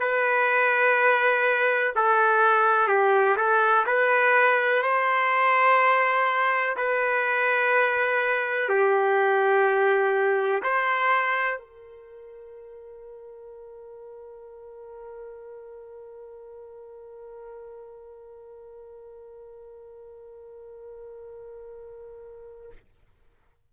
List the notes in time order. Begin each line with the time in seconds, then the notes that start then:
0.00 B4
1.96 A4
2.88 G4
3.37 A4
3.86 B4
4.83 C5
6.77 B4
8.69 G4
10.63 C5
11.59 A#4